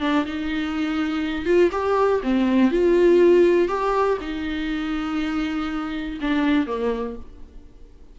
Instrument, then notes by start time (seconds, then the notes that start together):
viola
0.00 D4
0.25 D#4
1.45 F4
1.71 G4
2.23 C4
2.71 F4
3.68 G4
4.20 D#4
6.21 D4
6.66 A#3